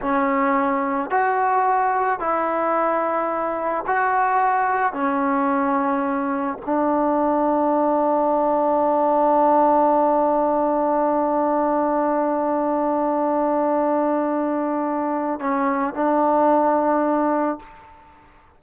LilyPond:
\new Staff \with { instrumentName = "trombone" } { \time 4/4 \tempo 4 = 109 cis'2 fis'2 | e'2. fis'4~ | fis'4 cis'2. | d'1~ |
d'1~ | d'1~ | d'1 | cis'4 d'2. | }